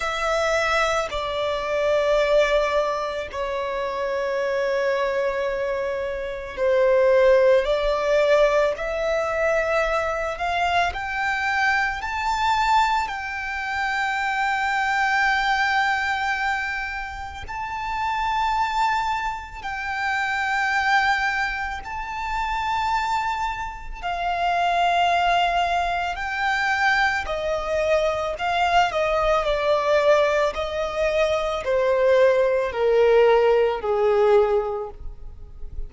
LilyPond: \new Staff \with { instrumentName = "violin" } { \time 4/4 \tempo 4 = 55 e''4 d''2 cis''4~ | cis''2 c''4 d''4 | e''4. f''8 g''4 a''4 | g''1 |
a''2 g''2 | a''2 f''2 | g''4 dis''4 f''8 dis''8 d''4 | dis''4 c''4 ais'4 gis'4 | }